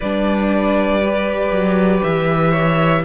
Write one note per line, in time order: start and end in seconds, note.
0.00 1.50 G3
0.00 1.02 D4
0.00 2.50 B4
0.00 2.03 D5
1.02 3.04 G4
1.50 2.01 F#3
2.03 3.04 E3
2.03 3.04 E5
2.50 3.01 C#5